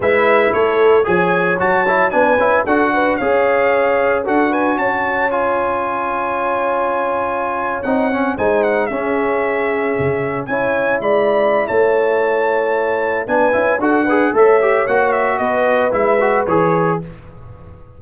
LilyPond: <<
  \new Staff \with { instrumentName = "trumpet" } { \time 4/4 \tempo 4 = 113 e''4 cis''4 gis''4 a''4 | gis''4 fis''4 f''2 | fis''8 gis''8 a''4 gis''2~ | gis''2~ gis''8. fis''4 gis''16~ |
gis''16 fis''8 e''2. gis''16~ | gis''8. b''4~ b''16 a''2~ | a''4 gis''4 fis''4 e''4 | fis''8 e''8 dis''4 e''4 cis''4 | }
  \new Staff \with { instrumentName = "horn" } { \time 4/4 b'4 a'4 cis''2 | b'4 a'8 b'8 cis''2 | a'8 b'8 cis''2.~ | cis''2.~ cis''8. c''16~ |
c''8. gis'2. cis''16~ | cis''8. d''4~ d''16 cis''2~ | cis''4 b'4 a'8 b'8 cis''4~ | cis''4 b'2. | }
  \new Staff \with { instrumentName = "trombone" } { \time 4/4 e'2 gis'4 fis'8 e'8 | d'8 e'8 fis'4 gis'2 | fis'2 f'2~ | f'2~ f'8. dis'8 cis'8 dis'16~ |
dis'8. cis'2. e'16~ | e'1~ | e'4 d'8 e'8 fis'8 gis'8 a'8 g'8 | fis'2 e'8 fis'8 gis'4 | }
  \new Staff \with { instrumentName = "tuba" } { \time 4/4 gis4 a4 f4 fis4 | b8 cis'8 d'4 cis'2 | d'4 cis'2.~ | cis'2~ cis'8. c'4 gis16~ |
gis8. cis'2 cis4 cis'16~ | cis'8. gis4~ gis16 a2~ | a4 b8 cis'8 d'4 a4 | ais4 b4 gis4 e4 | }
>>